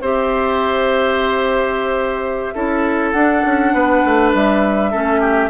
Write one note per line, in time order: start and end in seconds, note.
0.00 2.53 C4
0.00 2.55 G4
0.00 2.54 C5
0.00 3.11 E5
2.54 3.13 C#4
2.54 3.14 E4
2.54 3.73 A4
3.11 3.43 D4
3.11 4.92 D4
3.11 4.30 F#5
3.45 3.73 C#4
3.73 4.03 B3
3.73 4.91 B4
4.05 4.34 A3
4.34 4.93 G3
4.34 5.50 E5
4.91 5.50 A3
4.91 5.50 C#4
4.91 5.20 A4
5.20 5.50 G4